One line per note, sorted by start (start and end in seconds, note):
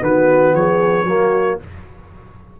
0.00 0.54 D#3
0.00 1.05 B3
0.00 0.55 F#4
0.00 0.55 B4
0.54 1.04 F3
0.54 1.06 G#4
0.54 1.60 C#5
1.04 1.56 F#3
1.04 1.60 A#3
1.04 1.58 F#4